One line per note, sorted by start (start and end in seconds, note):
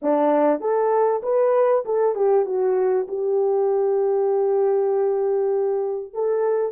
0.02 0.60 D4
0.60 1.21 A4
1.22 1.84 B4
1.85 2.15 A4
2.15 2.45 G4
2.45 3.06 F#4
3.08 6.13 G4
6.13 6.72 A4